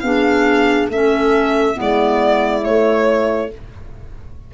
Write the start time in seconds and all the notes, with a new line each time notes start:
0.00 B3 D4 G#4 F5
0.89 A3 C#4 A4 E5
1.74 B3 E4
1.81 G#3 D5
2.62 A3 C#5